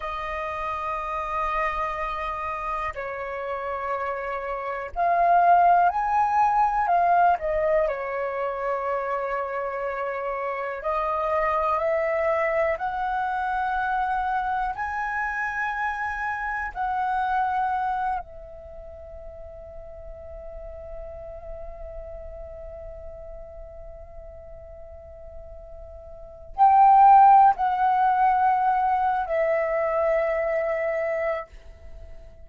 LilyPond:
\new Staff \with { instrumentName = "flute" } { \time 4/4 \tempo 4 = 61 dis''2. cis''4~ | cis''4 f''4 gis''4 f''8 dis''8 | cis''2. dis''4 | e''4 fis''2 gis''4~ |
gis''4 fis''4. e''4.~ | e''1~ | e''2. g''4 | fis''4.~ fis''16 e''2~ e''16 | }